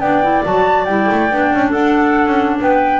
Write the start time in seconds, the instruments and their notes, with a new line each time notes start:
0.00 double bass B3, clarinet D4 D5, flute G5
0.23 clarinet E4
0.45 double bass F#3, clarinet F#4, flute A5
0.85 double bass G3, clarinet E4, flute G5
1.11 double bass A3
1.31 double bass B3, clarinet D4
1.53 double bass C#4
1.70 double bass D4, clarinet A4, flute F#5
2.27 double bass C#4
2.60 double bass B3, clarinet B4, flute G5